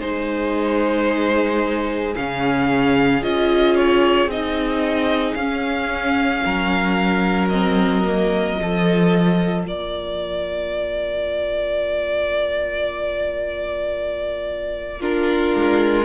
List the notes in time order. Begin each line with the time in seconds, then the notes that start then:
0.00 G#3 D#4 G#4 C5
2.16 C#3 C#4 F5
3.22 C#4 F4 D#5
3.76 C#5
4.26 C4 D#4 D#5
5.34 C#4 F5
6.45 F#3 A#4
7.49 C4 D#5
8.05 A#3
8.55 F3 F4
8.62 A4
9.66 A#3 A#4 D5
15.00 D4 F4 A#4
15.55 G#3